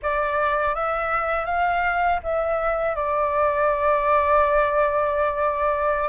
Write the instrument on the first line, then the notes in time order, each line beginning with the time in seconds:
flute
0.02 D5
0.74 E5
1.45 F5
2.23 E5
2.95 D5